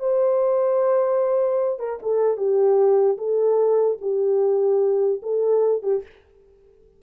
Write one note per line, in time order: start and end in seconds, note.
0.00 1.80 C5
1.80 2.00 A#4
2.03 2.38 A4
2.38 3.18 G4
3.18 3.98 A4
4.02 5.22 G4
5.23 5.83 A4
5.83 6.03 G4